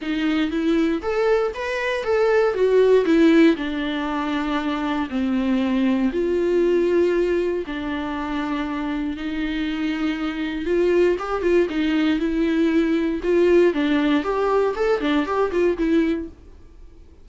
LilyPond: \new Staff \with { instrumentName = "viola" } { \time 4/4 \tempo 4 = 118 dis'4 e'4 a'4 b'4 | a'4 fis'4 e'4 d'4~ | d'2 c'2 | f'2. d'4~ |
d'2 dis'2~ | dis'4 f'4 g'8 f'8 dis'4 | e'2 f'4 d'4 | g'4 a'8 d'8 g'8 f'8 e'4 | }